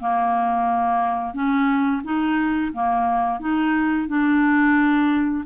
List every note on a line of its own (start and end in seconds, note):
0.00 1.34 A#3
1.34 2.02 C#4
2.04 2.72 D#4
2.73 3.40 A#3
3.40 4.08 D#4
4.08 5.44 D4